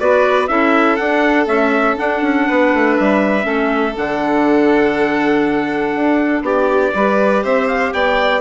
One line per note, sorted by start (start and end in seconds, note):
0.00 0.49 B3
0.00 0.49 F#4
0.00 0.50 B4
0.00 0.48 D5
0.48 0.99 C#4
0.48 0.98 E4
0.48 2.48 A4
0.48 0.97 E5
0.97 1.46 D4
0.97 1.47 D4
0.97 1.46 F#5
1.46 1.96 A3
1.46 1.97 C#4
1.46 1.98 E5
1.97 3.42 D4
1.97 2.22 D4
1.97 2.97 F#5
2.22 2.47 C#4
2.48 2.74 B3
2.48 3.46 B4
2.74 2.99 A3
2.97 3.46 G3
2.97 3.96 E5
3.42 3.95 A3
3.42 3.92 C#4
3.42 6.43 A4
3.98 5.96 D3
3.98 6.95 D4
3.98 6.45 F#5
5.96 6.42 D4
6.42 6.92 B3
6.42 6.95 G4
6.42 7.45 D5
6.95 7.45 G3
6.95 8.42 G4
6.95 7.44 B4
7.44 7.93 C4
7.44 7.93 C5
7.44 7.68 E5
7.68 7.93 F5
7.93 8.42 B3
7.93 8.42 D5
7.93 8.42 G5